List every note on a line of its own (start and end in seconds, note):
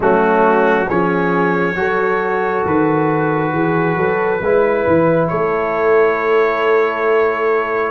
0.00 0.88 F#3
0.00 0.86 A3
0.00 0.87 C#4
0.00 0.89 F#4
0.87 1.75 F3
0.87 1.75 C#4
0.87 1.75 G#4
0.87 2.65 C#5
1.75 2.63 F#3
1.75 4.40 F#4
1.75 3.53 A4
2.65 3.52 D#3
2.65 5.28 B4
3.52 3.96 E3
3.52 3.97 G#4
3.96 4.40 F#3
3.96 4.41 A4
4.41 4.85 G#3
4.41 7.91 E4
4.41 5.29 B4
4.87 5.31 E3
5.28 7.91 A3
5.28 7.91 A4
5.28 7.91 C#5